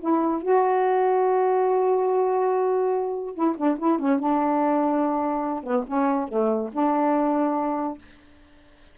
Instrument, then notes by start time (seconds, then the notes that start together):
saxophone
0.00 E4
0.42 F#4
3.35 E4
3.57 D4
3.79 E4
3.99 C#4
4.19 D4
5.63 B3
5.87 C#4
6.28 A3
6.72 D4